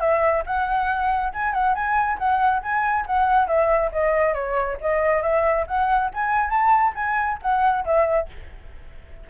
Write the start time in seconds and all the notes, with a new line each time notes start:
0.00 E5
0.46 F#5
1.33 G#5
1.53 F#5
1.75 G#5
2.19 F#5
2.62 G#5
3.07 F#5
3.47 E5
3.92 D#5
4.34 C#5
4.81 D#5
5.22 E5
5.67 F#5
6.14 G#5
6.50 A5
6.95 G#5
7.42 F#5
7.85 E5